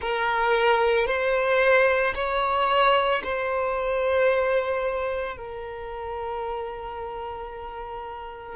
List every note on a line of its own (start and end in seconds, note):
0.01 1.07 A#4
1.07 2.14 C5
2.14 3.21 C#5
3.23 5.36 C5
5.36 8.55 A#4